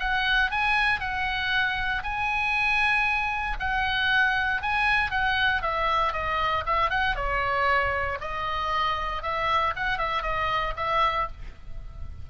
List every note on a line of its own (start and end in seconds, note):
0.00 0.51 F#5
0.51 1.01 G#5
1.01 2.03 F#5
2.04 3.58 G#5
3.60 4.63 F#5
4.63 5.11 G#5
5.11 5.62 F#5
5.62 6.13 E5
6.13 6.65 D#5
6.66 6.91 E5
6.91 7.16 F#5
7.16 8.19 C#5
8.21 9.23 D#5
9.23 9.74 E5
9.76 9.98 F#5
9.98 10.23 E5
10.23 10.74 D#5
10.77 11.28 E5